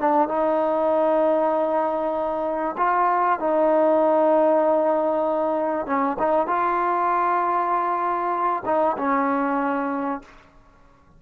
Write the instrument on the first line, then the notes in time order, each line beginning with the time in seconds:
trombone
0.00 D4
0.29 D#4
2.78 F4
3.40 D#4
5.87 C#4
6.19 D#4
6.48 F4
8.66 D#4
8.98 C#4